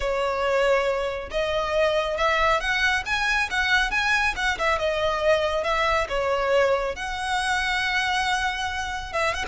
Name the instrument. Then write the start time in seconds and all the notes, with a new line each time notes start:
violin
0.00 C#5
1.30 D#5
2.17 E5
2.60 F#5
3.05 G#5
3.50 F#5
3.91 G#5
4.36 F#5
4.58 E5
4.78 D#5
5.63 E5
6.08 C#5
6.95 F#5
9.12 E5
9.34 F#5